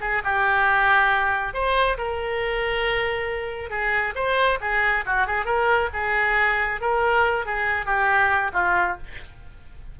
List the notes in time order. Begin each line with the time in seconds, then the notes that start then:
0.00 G#4
0.24 G4
1.53 C5
1.97 A#4
3.70 G#4
4.15 C5
4.60 G#4
5.06 F#4
5.26 G#4
5.45 A#4
5.93 G#4
6.80 A#4
7.45 G#4
7.85 G4
8.53 F4